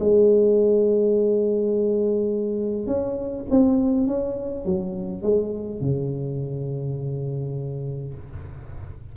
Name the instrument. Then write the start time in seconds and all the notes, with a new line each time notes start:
tuba
0.00 G#3
2.87 C#4
3.51 C4
4.07 C#4
4.65 F#3
5.23 G#3
5.81 C#3